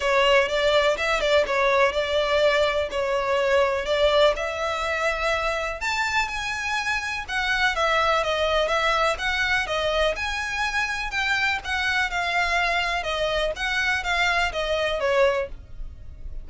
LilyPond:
\new Staff \with { instrumentName = "violin" } { \time 4/4 \tempo 4 = 124 cis''4 d''4 e''8 d''8 cis''4 | d''2 cis''2 | d''4 e''2. | a''4 gis''2 fis''4 |
e''4 dis''4 e''4 fis''4 | dis''4 gis''2 g''4 | fis''4 f''2 dis''4 | fis''4 f''4 dis''4 cis''4 | }